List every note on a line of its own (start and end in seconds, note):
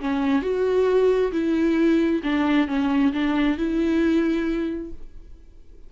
0.00 0.42 C#4
0.42 1.31 F#4
1.32 2.21 E4
2.23 2.67 D4
2.67 3.12 C#4
3.12 3.57 D4
3.57 4.92 E4